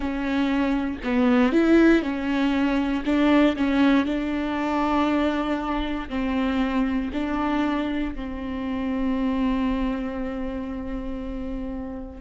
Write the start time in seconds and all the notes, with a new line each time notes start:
0.00 C#4
1.03 B3
1.52 E4
2.02 C#4
3.05 D4
3.56 C#4
4.05 D4
6.09 C4
7.13 D4
8.14 C4